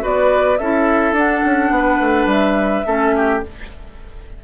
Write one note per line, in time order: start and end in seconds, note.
0.00 0.59 B3
0.00 0.57 F#4
0.00 0.59 B4
0.00 0.58 D5
0.58 1.12 C#4
0.58 1.15 E4
0.58 1.73 A4
0.58 1.14 E5
1.12 1.40 D4
1.12 2.85 D4
1.12 2.29 F#5
1.45 1.70 C#4
1.70 1.98 B3
1.77 2.86 B4
2.00 2.26 A3
2.26 2.82 G3
2.26 3.43 E5
2.85 3.43 A3
2.85 3.42 C#4
2.85 3.15 A4
3.16 3.44 G4